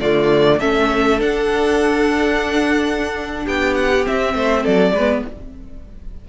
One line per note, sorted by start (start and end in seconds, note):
0.00 0.61 D3
0.00 0.60 A3
0.00 0.59 F4
0.00 0.60 D5
0.59 1.21 A3
0.59 1.19 C#4
0.59 3.44 A4
0.59 1.20 E5
1.19 4.03 D4
1.19 3.46 D4
1.19 3.46 F#5
3.44 4.07 B3
3.44 4.34 G4
3.44 3.75 G5
3.75 4.05 F#5
4.03 4.93 C4
4.03 4.34 C4
4.03 4.65 E5
4.34 4.64 A3
4.34 4.62 C5
4.62 4.92 F#3
4.62 4.92 A4
4.62 5.25 D5
4.92 5.21 G#3
4.92 5.24 B4
4.99 5.29 B3